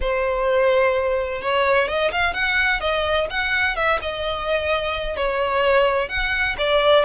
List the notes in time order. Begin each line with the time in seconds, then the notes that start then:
0.01 C5
1.41 C#5
1.87 D#5
2.11 F5
2.33 F#5
2.80 D#5
3.30 F#5
3.75 E5
4.01 D#5
5.16 C#5
6.09 F#5
6.58 D5